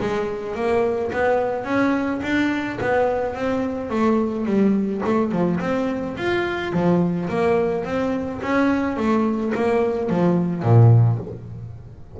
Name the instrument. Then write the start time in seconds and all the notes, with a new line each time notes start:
double bass
0.00 G#3
0.55 A#3
1.12 B3
1.64 C#4
2.23 D4
2.80 B3
3.34 C4
3.90 A3
4.45 G3
5.05 A3
5.31 F3
5.60 C4
6.17 F4
6.72 F3
7.29 A#3
7.84 C4
8.42 C#4
8.96 A3
9.54 A#3
10.09 F3
10.62 A#2